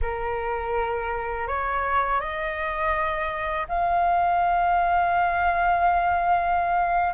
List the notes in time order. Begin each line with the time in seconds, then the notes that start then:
0.01 A#4
1.47 C#5
2.20 D#5
3.68 F5